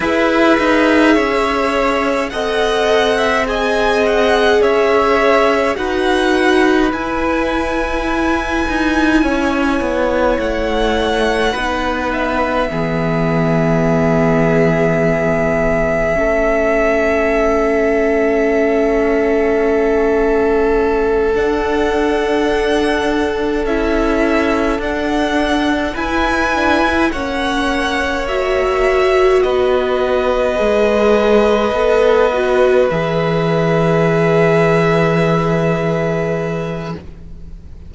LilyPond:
<<
  \new Staff \with { instrumentName = "violin" } { \time 4/4 \tempo 4 = 52 e''2 fis''4 gis''8 fis''8 | e''4 fis''4 gis''2~ | gis''4 fis''4. e''4.~ | e''1~ |
e''2~ e''8 fis''4.~ | fis''8 e''4 fis''4 gis''4 fis''8~ | fis''8 e''4 dis''2~ dis''8~ | dis''8 e''2.~ e''8 | }
  \new Staff \with { instrumentName = "violin" } { \time 4/4 b'4 cis''4 dis''8. e''16 dis''4 | cis''4 b'2. | cis''2 b'4 gis'4~ | gis'2 a'2~ |
a'1~ | a'2~ a'8 b'4 cis''8~ | cis''4. b'2~ b'8~ | b'1 | }
  \new Staff \with { instrumentName = "viola" } { \time 4/4 gis'2 a'4 gis'4~ | gis'4 fis'4 e'2~ | e'2 dis'4 b4~ | b2 cis'2~ |
cis'2~ cis'8 d'4.~ | d'8 e'4 d'4 e'8 d'16 e'16 cis'8~ | cis'8 fis'2 gis'4 a'8 | fis'8 gis'2.~ gis'8 | }
  \new Staff \with { instrumentName = "cello" } { \time 4/4 e'8 dis'8 cis'4 c'2 | cis'4 dis'4 e'4. dis'8 | cis'8 b8 a4 b4 e4~ | e2 a2~ |
a2~ a8 d'4.~ | d'8 cis'4 d'4 e'4 ais8~ | ais4. b4 gis4 b8~ | b8 e2.~ e8 | }
>>